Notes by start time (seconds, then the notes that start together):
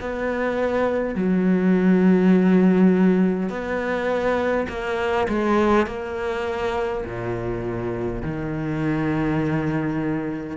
0.00 B3
1.15 F#3
3.49 B3
4.68 A#3
5.28 G#3
5.86 A#3
7.05 A#2
8.22 D#3